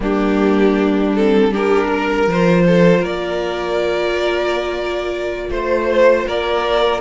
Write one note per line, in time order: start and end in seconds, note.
0.00 2.27 G3
0.00 1.13 A#3
0.00 1.51 D4
0.00 1.15 G4
1.15 1.52 C4
1.15 1.53 A4
1.51 2.28 D4
1.51 1.87 G4
1.51 2.30 A#4
1.87 2.63 A#4
2.27 3.02 F3
2.27 7.00 F4
2.27 3.04 C5
2.66 3.00 A4
3.00 5.49 A#3
3.00 5.47 A#4
3.00 5.51 D5
5.50 6.26 A3
5.50 6.26 C5
5.50 6.28 C5
6.26 7.00 A#3
6.26 7.00 A#4
6.26 7.00 D5